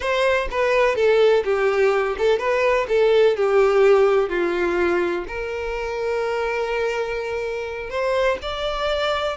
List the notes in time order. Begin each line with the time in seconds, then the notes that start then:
0.00 C5
0.50 B4
0.95 A4
1.44 G4
2.18 A4
2.38 B4
2.88 A4
3.36 G4
4.29 F4
5.27 A#4
7.90 C5
8.42 D5